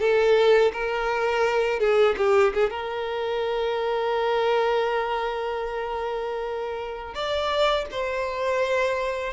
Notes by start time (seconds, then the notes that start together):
0.00 A4
0.73 A#4
1.80 G#4
2.18 G4
2.54 G#4
2.70 A#4
7.14 D5
7.91 C5